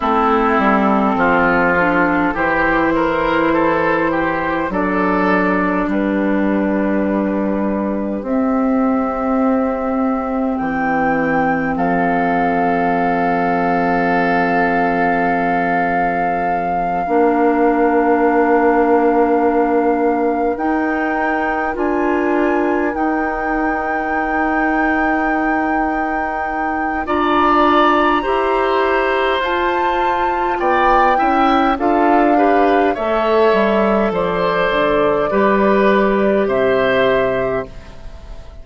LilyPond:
<<
  \new Staff \with { instrumentName = "flute" } { \time 4/4 \tempo 4 = 51 a'2 c''2 | d''4 b'2 e''4~ | e''4 g''4 f''2~ | f''1~ |
f''4. g''4 gis''4 g''8~ | g''2. ais''4~ | ais''4 a''4 g''4 f''4 | e''4 d''2 e''4 | }
  \new Staff \with { instrumentName = "oboe" } { \time 4/4 e'4 f'4 g'8 ais'8 a'8 g'8 | a'4 g'2.~ | g'2 a'2~ | a'2~ a'8 ais'4.~ |
ais'1~ | ais'2. d''4 | c''2 d''8 e''8 a'8 b'8 | cis''4 c''4 b'4 c''4 | }
  \new Staff \with { instrumentName = "clarinet" } { \time 4/4 c'4. d'8 e'2 | d'2. c'4~ | c'1~ | c'2~ c'8 d'4.~ |
d'4. dis'4 f'4 dis'8~ | dis'2. f'4 | g'4 f'4. e'8 f'8 g'8 | a'2 g'2 | }
  \new Staff \with { instrumentName = "bassoon" } { \time 4/4 a8 g8 f4 e2 | fis4 g2 c'4~ | c'4 e4 f2~ | f2~ f8 ais4.~ |
ais4. dis'4 d'4 dis'8~ | dis'2. d'4 | e'4 f'4 b8 cis'8 d'4 | a8 g8 f8 d8 g4 c4 | }
>>